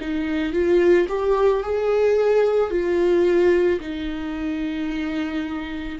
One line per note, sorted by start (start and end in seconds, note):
0.00 0.53 D#4
0.53 1.07 F4
1.09 1.63 G4
1.63 2.70 G#4
2.70 3.79 F4
3.80 5.99 D#4